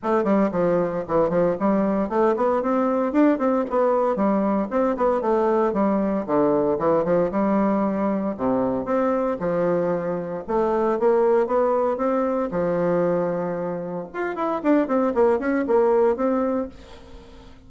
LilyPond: \new Staff \with { instrumentName = "bassoon" } { \time 4/4 \tempo 4 = 115 a8 g8 f4 e8 f8 g4 | a8 b8 c'4 d'8 c'8 b4 | g4 c'8 b8 a4 g4 | d4 e8 f8 g2 |
c4 c'4 f2 | a4 ais4 b4 c'4 | f2. f'8 e'8 | d'8 c'8 ais8 cis'8 ais4 c'4 | }